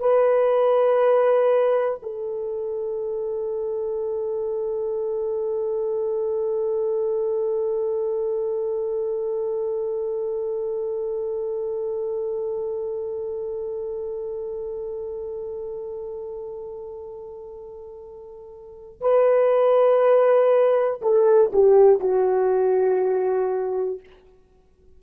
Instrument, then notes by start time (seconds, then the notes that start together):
horn
0.00 B4
2.03 A4
19.01 B4
21.02 A4
21.53 G4
22.00 F#4